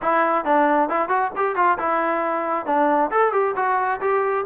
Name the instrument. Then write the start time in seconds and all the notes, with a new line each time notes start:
trombone
0.02 E4
0.44 D4
0.89 E4
1.08 F#4
1.36 G4
1.55 F4
1.78 E4
2.65 D4
3.10 A4
3.32 G4
3.56 F#4
4.01 G4